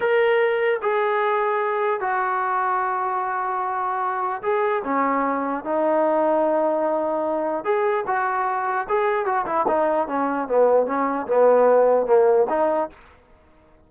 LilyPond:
\new Staff \with { instrumentName = "trombone" } { \time 4/4 \tempo 4 = 149 ais'2 gis'2~ | gis'4 fis'2.~ | fis'2. gis'4 | cis'2 dis'2~ |
dis'2. gis'4 | fis'2 gis'4 fis'8 e'8 | dis'4 cis'4 b4 cis'4 | b2 ais4 dis'4 | }